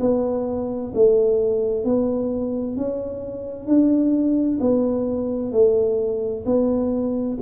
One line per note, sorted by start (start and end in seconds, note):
0.00 0.92 B3
0.94 1.84 A3
1.84 2.76 B3
2.76 3.66 C#4
3.66 4.59 D4
4.60 5.52 B3
5.52 6.44 A3
6.45 7.38 B3